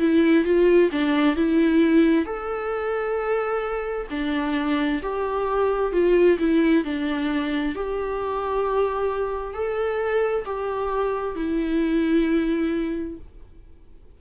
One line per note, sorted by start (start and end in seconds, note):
0.00 0.45 E4
0.45 0.90 F4
0.92 1.36 D4
1.36 2.26 E4
2.26 4.07 A4
4.11 5.02 D4
5.02 5.93 G4
5.93 6.38 F4
6.39 6.85 E4
6.85 7.76 D4
7.76 9.54 G4
9.54 10.45 A4
10.45 11.36 G4
11.36 13.18 E4